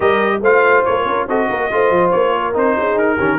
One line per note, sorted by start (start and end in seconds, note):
0.00 0.41 G3
0.00 0.41 G4
0.00 0.39 A#4
0.00 0.41 D#5
0.41 0.83 A3
0.41 1.28 F4
0.41 1.06 C5
0.41 0.84 F5
0.84 1.05 A#3
0.84 1.27 C#5
1.05 1.26 C#4
1.05 1.27 A#4
1.27 1.49 C4
1.27 1.71 F#4
1.27 1.49 A4
1.27 2.10 D#5
1.49 1.70 A#3
1.49 1.72 A#4
1.71 1.89 A3
1.71 2.53 F4
1.71 2.36 C5
1.89 2.11 F3
2.10 2.55 A#3
2.10 2.53 C#5
2.36 2.78 A#4
2.53 2.77 C4
2.53 3.17 D#4
2.53 2.98 C5
2.78 2.94 C#4
2.78 3.16 G#4
2.94 3.16 D#4
2.94 3.39 A#4
3.16 3.39 D#3
3.16 3.39 C#4
3.16 3.37 G4